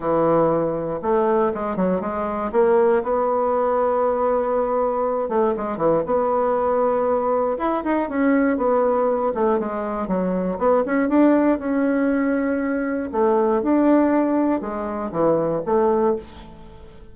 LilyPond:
\new Staff \with { instrumentName = "bassoon" } { \time 4/4 \tempo 4 = 119 e2 a4 gis8 fis8 | gis4 ais4 b2~ | b2~ b8 a8 gis8 e8 | b2. e'8 dis'8 |
cis'4 b4. a8 gis4 | fis4 b8 cis'8 d'4 cis'4~ | cis'2 a4 d'4~ | d'4 gis4 e4 a4 | }